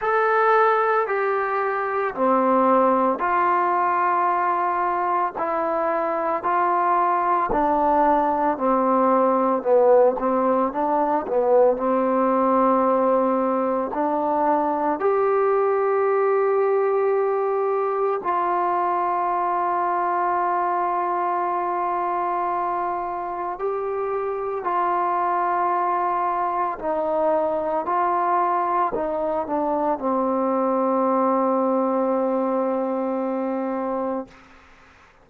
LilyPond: \new Staff \with { instrumentName = "trombone" } { \time 4/4 \tempo 4 = 56 a'4 g'4 c'4 f'4~ | f'4 e'4 f'4 d'4 | c'4 b8 c'8 d'8 b8 c'4~ | c'4 d'4 g'2~ |
g'4 f'2.~ | f'2 g'4 f'4~ | f'4 dis'4 f'4 dis'8 d'8 | c'1 | }